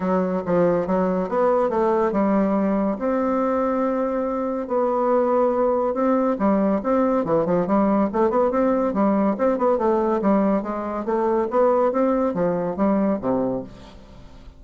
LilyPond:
\new Staff \with { instrumentName = "bassoon" } { \time 4/4 \tempo 4 = 141 fis4 f4 fis4 b4 | a4 g2 c'4~ | c'2. b4~ | b2 c'4 g4 |
c'4 e8 f8 g4 a8 b8 | c'4 g4 c'8 b8 a4 | g4 gis4 a4 b4 | c'4 f4 g4 c4 | }